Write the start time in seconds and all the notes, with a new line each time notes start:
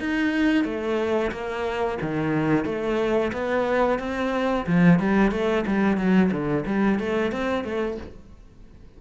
0.00 D#4
0.65 A3
1.32 A#3
2.02 D#3
2.65 A3
3.33 B3
3.99 C4
4.67 F3
4.99 G3
5.31 A3
5.67 G3
5.97 F#3
6.31 D3
6.66 G3
7.00 A3
7.32 C4
7.64 A3